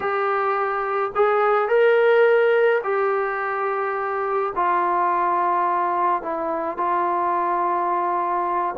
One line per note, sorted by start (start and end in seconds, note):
0.00 1.11 G4
1.15 1.68 G#4
1.68 2.81 A#4
2.83 4.53 G4
4.55 6.22 F4
6.22 6.77 E4
6.77 8.75 F4